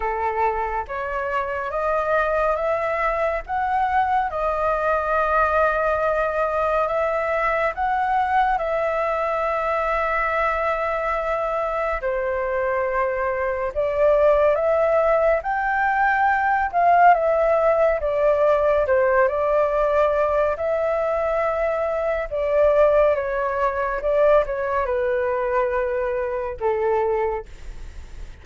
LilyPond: \new Staff \with { instrumentName = "flute" } { \time 4/4 \tempo 4 = 70 a'4 cis''4 dis''4 e''4 | fis''4 dis''2. | e''4 fis''4 e''2~ | e''2 c''2 |
d''4 e''4 g''4. f''8 | e''4 d''4 c''8 d''4. | e''2 d''4 cis''4 | d''8 cis''8 b'2 a'4 | }